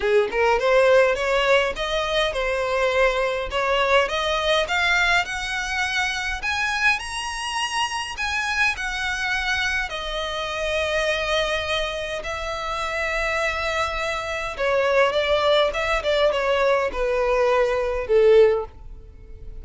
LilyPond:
\new Staff \with { instrumentName = "violin" } { \time 4/4 \tempo 4 = 103 gis'8 ais'8 c''4 cis''4 dis''4 | c''2 cis''4 dis''4 | f''4 fis''2 gis''4 | ais''2 gis''4 fis''4~ |
fis''4 dis''2.~ | dis''4 e''2.~ | e''4 cis''4 d''4 e''8 d''8 | cis''4 b'2 a'4 | }